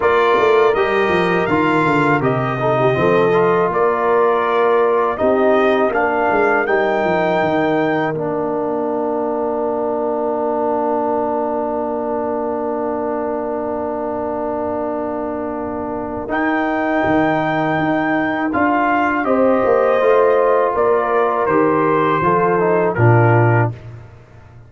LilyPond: <<
  \new Staff \with { instrumentName = "trumpet" } { \time 4/4 \tempo 4 = 81 d''4 dis''4 f''4 dis''4~ | dis''4 d''2 dis''4 | f''4 g''2 f''4~ | f''1~ |
f''1~ | f''2 g''2~ | g''4 f''4 dis''2 | d''4 c''2 ais'4 | }
  \new Staff \with { instrumentName = "horn" } { \time 4/4 ais'2.~ ais'8 a'16 g'16 | a'4 ais'2 g'4 | ais'1~ | ais'1~ |
ais'1~ | ais'1~ | ais'2 c''2 | ais'2 a'4 f'4 | }
  \new Staff \with { instrumentName = "trombone" } { \time 4/4 f'4 g'4 f'4 g'8 dis'8 | c'8 f'2~ f'8 dis'4 | d'4 dis'2 d'4~ | d'1~ |
d'1~ | d'2 dis'2~ | dis'4 f'4 g'4 f'4~ | f'4 g'4 f'8 dis'8 d'4 | }
  \new Staff \with { instrumentName = "tuba" } { \time 4/4 ais8 a8 g8 f8 dis8 d8 c4 | f4 ais2 c'4 | ais8 gis8 g8 f8 dis4 ais4~ | ais1~ |
ais1~ | ais2 dis'4 dis4 | dis'4 d'4 c'8 ais8 a4 | ais4 dis4 f4 ais,4 | }
>>